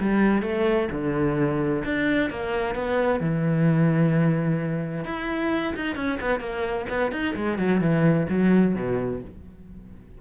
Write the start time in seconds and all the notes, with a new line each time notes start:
0.00 G3
0.42 A3
0.91 D3
1.84 D4
2.30 A#3
2.75 B3
3.20 E3
5.04 E4
5.75 D#4
5.95 C#4
6.20 B3
6.39 A#3
6.89 B3
7.11 D#4
7.35 G#3
7.58 F#3
7.80 E3
8.29 F#3
8.75 B2